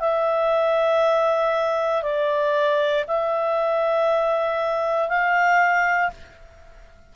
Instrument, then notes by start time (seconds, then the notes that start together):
clarinet
0.00 E5
2.03 D5
3.08 E5
5.09 F5